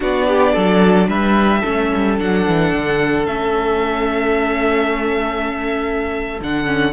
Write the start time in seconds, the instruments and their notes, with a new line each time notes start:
0.00 cello B3, viola D4, violin F#4 D5
0.27 violin G4
0.53 cello F#3, violin A4
1.08 cello G3, violin B4 E5
1.60 cello A3, viola C#4, violin A4
1.94 cello G3
2.18 cello F#3, viola D4, violin F#5
2.47 cello E3
2.72 cello D3
3.26 cello A3, viola C#4, violin E5
6.40 cello D3, viola D4, violin F#5
6.65 viola C#4